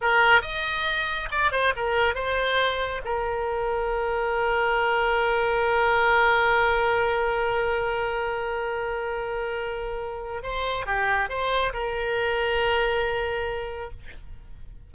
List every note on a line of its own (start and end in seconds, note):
0.01 0.41 A#4
0.41 1.28 D#5
1.31 1.51 D5
1.51 1.73 C5
1.75 2.14 A#4
2.14 3.01 C5
3.04 10.42 A#4
10.42 10.85 C5
10.85 11.29 G4
11.29 11.72 C5
11.73 13.90 A#4